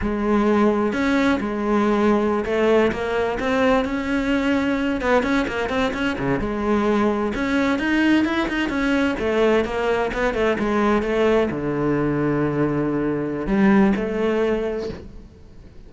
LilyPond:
\new Staff \with { instrumentName = "cello" } { \time 4/4 \tempo 4 = 129 gis2 cis'4 gis4~ | gis4~ gis16 a4 ais4 c'8.~ | c'16 cis'2~ cis'8 b8 cis'8 ais16~ | ais16 c'8 cis'8 cis8 gis2 cis'16~ |
cis'8. dis'4 e'8 dis'8 cis'4 a16~ | a8. ais4 b8 a8 gis4 a16~ | a8. d2.~ d16~ | d4 g4 a2 | }